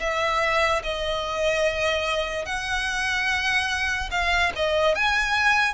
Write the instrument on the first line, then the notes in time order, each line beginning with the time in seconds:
violin
0.00 E5
0.83 D#5
2.45 F#5
4.11 F5
4.56 D#5
4.95 G#5